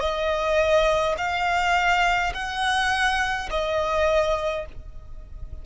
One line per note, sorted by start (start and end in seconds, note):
0.00 1.15 D#5
1.17 2.33 F5
2.34 3.49 F#5
3.50 4.66 D#5